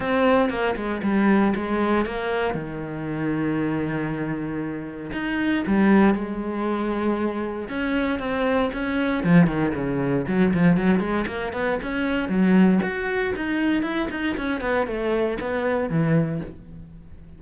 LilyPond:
\new Staff \with { instrumentName = "cello" } { \time 4/4 \tempo 4 = 117 c'4 ais8 gis8 g4 gis4 | ais4 dis2.~ | dis2 dis'4 g4 | gis2. cis'4 |
c'4 cis'4 f8 dis8 cis4 | fis8 f8 fis8 gis8 ais8 b8 cis'4 | fis4 fis'4 dis'4 e'8 dis'8 | cis'8 b8 a4 b4 e4 | }